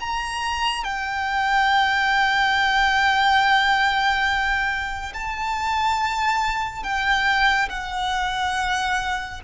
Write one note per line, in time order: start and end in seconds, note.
0.00 0.85 A#5
0.85 5.13 G5
5.14 6.83 A5
6.83 7.69 G5
7.69 9.41 F#5